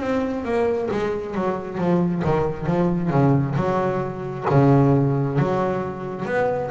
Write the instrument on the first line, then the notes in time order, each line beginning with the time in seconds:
double bass
0.00 C4
0.44 A#3
0.91 G#3
1.34 F#3
1.77 F3
2.24 D#3
2.66 F3
3.10 C#3
3.55 F#3
4.49 C#3
5.39 F#3
6.25 B3